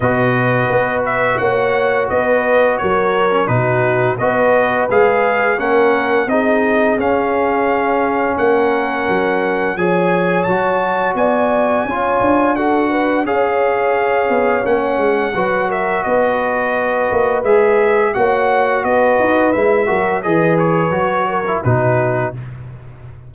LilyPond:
<<
  \new Staff \with { instrumentName = "trumpet" } { \time 4/4 \tempo 4 = 86 dis''4. e''8 fis''4 dis''4 | cis''4 b'4 dis''4 f''4 | fis''4 dis''4 f''2 | fis''2 gis''4 a''4 |
gis''2 fis''4 f''4~ | f''4 fis''4. e''8 dis''4~ | dis''4 e''4 fis''4 dis''4 | e''4 dis''8 cis''4. b'4 | }
  \new Staff \with { instrumentName = "horn" } { \time 4/4 b'2 cis''4 b'4 | ais'4 fis'4 b'2 | ais'4 gis'2. | ais'2 cis''2 |
d''4 cis''4 a'8 b'8 cis''4~ | cis''2 b'8 ais'8 b'4~ | b'2 cis''4 b'4~ | b'8 ais'8 b'4. ais'8 fis'4 | }
  \new Staff \with { instrumentName = "trombone" } { \time 4/4 fis'1~ | fis'8. cis'16 dis'4 fis'4 gis'4 | cis'4 dis'4 cis'2~ | cis'2 gis'4 fis'4~ |
fis'4 f'4 fis'4 gis'4~ | gis'4 cis'4 fis'2~ | fis'4 gis'4 fis'2 | e'8 fis'8 gis'4 fis'8. e'16 dis'4 | }
  \new Staff \with { instrumentName = "tuba" } { \time 4/4 b,4 b4 ais4 b4 | fis4 b,4 b4 gis4 | ais4 c'4 cis'2 | ais4 fis4 f4 fis4 |
b4 cis'8 d'4. cis'4~ | cis'8 b8 ais8 gis8 fis4 b4~ | b8 ais8 gis4 ais4 b8 dis'8 | gis8 fis8 e4 fis4 b,4 | }
>>